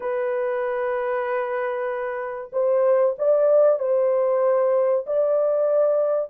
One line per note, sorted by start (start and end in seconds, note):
0.00 2.50 B4
2.52 3.15 C5
3.18 3.79 D5
3.79 5.05 C5
5.06 6.30 D5